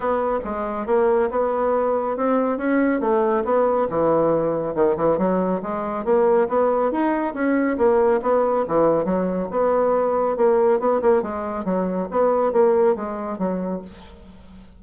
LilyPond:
\new Staff \with { instrumentName = "bassoon" } { \time 4/4 \tempo 4 = 139 b4 gis4 ais4 b4~ | b4 c'4 cis'4 a4 | b4 e2 dis8 e8 | fis4 gis4 ais4 b4 |
dis'4 cis'4 ais4 b4 | e4 fis4 b2 | ais4 b8 ais8 gis4 fis4 | b4 ais4 gis4 fis4 | }